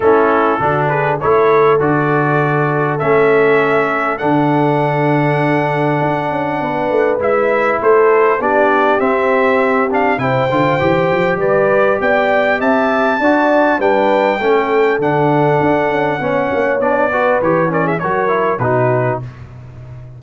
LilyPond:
<<
  \new Staff \with { instrumentName = "trumpet" } { \time 4/4 \tempo 4 = 100 a'4. b'8 cis''4 d''4~ | d''4 e''2 fis''4~ | fis''1 | e''4 c''4 d''4 e''4~ |
e''8 f''8 g''2 d''4 | g''4 a''2 g''4~ | g''4 fis''2. | d''4 cis''8 d''16 e''16 cis''4 b'4 | }
  \new Staff \with { instrumentName = "horn" } { \time 4/4 e'4 fis'8 gis'8 a'2~ | a'1~ | a'2. b'4~ | b'4 a'4 g'2~ |
g'4 c''2 b'4 | d''4 e''4 d''4 b'4 | a'2. cis''4~ | cis''8 b'4 ais'16 gis'16 ais'4 fis'4 | }
  \new Staff \with { instrumentName = "trombone" } { \time 4/4 cis'4 d'4 e'4 fis'4~ | fis'4 cis'2 d'4~ | d'1 | e'2 d'4 c'4~ |
c'8 d'8 e'8 f'8 g'2~ | g'2 fis'4 d'4 | cis'4 d'2 cis'4 | d'8 fis'8 g'8 cis'8 fis'8 e'8 dis'4 | }
  \new Staff \with { instrumentName = "tuba" } { \time 4/4 a4 d4 a4 d4~ | d4 a2 d4~ | d2 d'8 cis'8 b8 a8 | gis4 a4 b4 c'4~ |
c'4 c8 d8 e8 f8 g4 | b4 c'4 d'4 g4 | a4 d4 d'8 cis'8 b8 ais8 | b4 e4 fis4 b,4 | }
>>